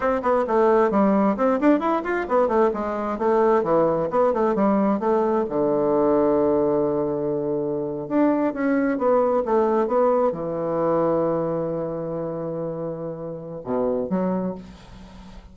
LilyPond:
\new Staff \with { instrumentName = "bassoon" } { \time 4/4 \tempo 4 = 132 c'8 b8 a4 g4 c'8 d'8 | e'8 f'8 b8 a8 gis4 a4 | e4 b8 a8 g4 a4 | d1~ |
d4.~ d16 d'4 cis'4 b16~ | b8. a4 b4 e4~ e16~ | e1~ | e2 b,4 fis4 | }